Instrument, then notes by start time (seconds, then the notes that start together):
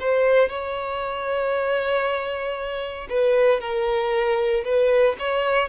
violin
0.00 C5
0.49 C#5
3.09 B4
3.61 A#4
4.65 B4
5.19 C#5